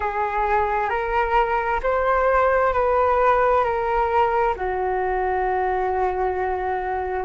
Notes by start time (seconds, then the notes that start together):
0.00 G#4
0.89 A#4
1.82 C5
2.73 B4
3.64 A#4
4.56 F#4